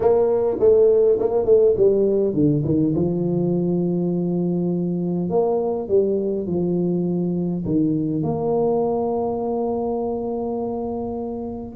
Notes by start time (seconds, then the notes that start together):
0.00 A#3
0.59 A3
1.19 A#3
1.45 A3
1.76 G3
2.33 D3
2.64 D#3
2.95 F3
5.29 A#3
5.88 G3
6.47 F3
7.65 D#3
8.22 A#3